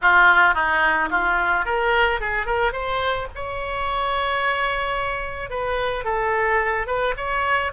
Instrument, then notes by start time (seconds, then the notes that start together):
oboe
0.01 F4
0.54 D#4
1.10 F4
1.65 A#4
2.20 G#4
2.46 A#4
2.72 C5
3.35 C#5
5.50 B4
6.04 A4
6.87 B4
7.17 C#5